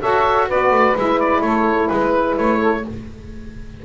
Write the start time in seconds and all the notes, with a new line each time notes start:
0.00 F#4 A4 C#5 E5
0.47 B3 F#4 B4 D5
0.71 A3
0.96 G#3 E4 E5
1.20 D5
1.41 A3 A4 C#5
1.89 G#3 B4
2.38 A3 C#5
2.59 A4